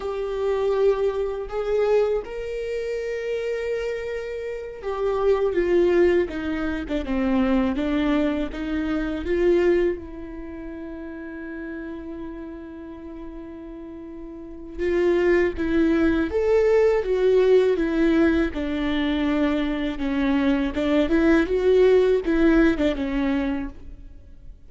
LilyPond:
\new Staff \with { instrumentName = "viola" } { \time 4/4 \tempo 4 = 81 g'2 gis'4 ais'4~ | ais'2~ ais'8 g'4 f'8~ | f'8 dis'8. d'16 c'4 d'4 dis'8~ | dis'8 f'4 e'2~ e'8~ |
e'1 | f'4 e'4 a'4 fis'4 | e'4 d'2 cis'4 | d'8 e'8 fis'4 e'8. d'16 cis'4 | }